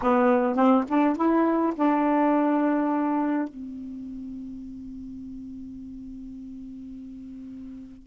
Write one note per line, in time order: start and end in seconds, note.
0.02 0.55 B3
0.55 0.84 C4
0.88 1.16 D4
1.16 1.73 E4
1.75 3.48 D4
3.48 8.06 C4